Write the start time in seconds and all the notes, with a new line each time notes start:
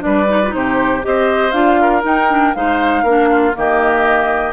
0.00 G3 D4 B4 D5
0.29 D#4
0.44 D#4 F4
0.54 C3 G4 C5
1.02 C4 G4 C5 D#5
1.52 D4 F4 F5
1.82 A#4
2.03 D#4 G5
2.29 D4
2.55 G#3 D#4 C5 F5
3.03 A#3 D4 A#4
3.31 F4
3.54 D#3 A#3 G4 D#5